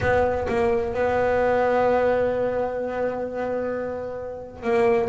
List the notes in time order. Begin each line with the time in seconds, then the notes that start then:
0.01 B3
0.48 A#3
0.93 B3
4.62 A#3